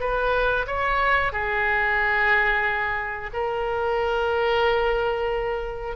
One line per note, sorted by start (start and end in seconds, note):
0.00 0.66 B4
0.67 1.32 C#5
1.32 3.30 G#4
3.33 5.96 A#4